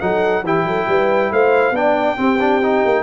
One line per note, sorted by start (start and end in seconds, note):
0.00 0.43 F#3
0.00 0.44 D#4
0.00 0.44 A4
0.00 0.43 F#5
0.43 0.64 E3
0.43 1.74 E4
0.43 0.66 G4
0.43 1.32 G5
0.64 0.86 F#3
0.64 0.88 A4
0.88 1.31 G3
0.88 1.32 B4
1.31 1.71 A3
1.31 1.74 C5
1.31 1.76 F5
1.71 2.14 B3
1.71 2.17 D4
1.71 2.18 D5
1.71 3.03 G5
2.17 2.38 C4
2.17 2.83 C4
2.17 3.03 G4
2.40 2.62 D4
2.63 3.03 D#4
2.85 3.03 A#3